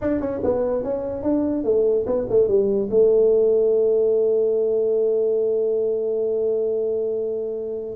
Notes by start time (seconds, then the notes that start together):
0.01 D4
0.20 C#4
0.43 B3
0.83 C#4
1.22 D4
1.64 A3
2.06 B3
2.29 A3
2.47 G3
2.90 A3